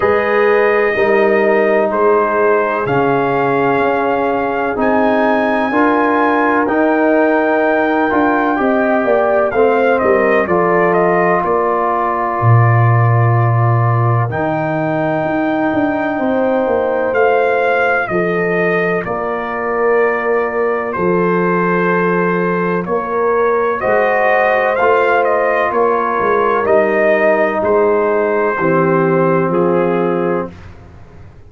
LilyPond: <<
  \new Staff \with { instrumentName = "trumpet" } { \time 4/4 \tempo 4 = 63 dis''2 c''4 f''4~ | f''4 gis''2 g''4~ | g''2 f''8 dis''8 d''8 dis''8 | d''2. g''4~ |
g''2 f''4 dis''4 | d''2 c''2 | cis''4 dis''4 f''8 dis''8 cis''4 | dis''4 c''2 gis'4 | }
  \new Staff \with { instrumentName = "horn" } { \time 4/4 b'4 ais'4 gis'2~ | gis'2 ais'2~ | ais'4 dis''8 d''8 c''8 ais'8 a'4 | ais'1~ |
ais'4 c''2 a'4 | ais'2 a'2 | ais'4 c''2 ais'4~ | ais'4 gis'4 g'4 f'4 | }
  \new Staff \with { instrumentName = "trombone" } { \time 4/4 gis'4 dis'2 cis'4~ | cis'4 dis'4 f'4 dis'4~ | dis'8 f'8 g'4 c'4 f'4~ | f'2. dis'4~ |
dis'2 f'2~ | f'1~ | f'4 fis'4 f'2 | dis'2 c'2 | }
  \new Staff \with { instrumentName = "tuba" } { \time 4/4 gis4 g4 gis4 cis4 | cis'4 c'4 d'4 dis'4~ | dis'8 d'8 c'8 ais8 a8 g8 f4 | ais4 ais,2 dis4 |
dis'8 d'8 c'8 ais8 a4 f4 | ais2 f2 | ais4 gis4 a4 ais8 gis8 | g4 gis4 e4 f4 | }
>>